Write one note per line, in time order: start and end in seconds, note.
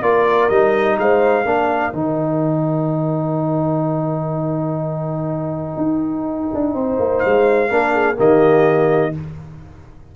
0.00 0.49 A#3
0.00 0.50 F4
0.00 0.96 A#4
0.00 0.49 D5
0.49 0.98 G3
0.49 1.45 D#4
0.49 0.97 D#5
0.98 1.45 G#3
0.98 1.47 C5
0.98 1.94 F5
1.45 1.93 A#3
1.45 1.93 D4
1.45 6.73 A#4
1.93 5.76 D#3
1.93 7.69 D#4
1.93 7.19 G5
5.76 6.48 D#4
6.54 6.74 D4
6.73 6.98 C4
6.73 7.69 C5
6.99 7.23 A#3
7.19 8.15 F5
7.25 7.70 G#3
7.69 8.18 A#3
7.69 8.16 D4
7.69 7.93 A#4
7.93 8.17 G#4
8.16 9.15 D#3
8.16 9.12 A#3
8.16 9.12 G4
8.16 9.15 D#5